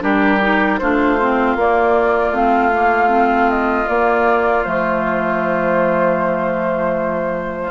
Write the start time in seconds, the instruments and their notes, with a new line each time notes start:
0.00 bassoon G3, clarinet D4, oboe G4, flute A#4
0.41 clarinet D#4
0.78 bassoon A3, clarinet D4, oboe F4, flute C5
1.21 clarinet C4
1.55 bassoon A#3, clarinet A#3, flute D5
2.31 bassoon A3, clarinet C4, flute F5
2.73 clarinet A#3
3.08 clarinet C4
3.50 flute D#5
3.89 clarinet A#3, bassoon A#3, flute D5
4.64 bassoon F3, clarinet A3, flute C5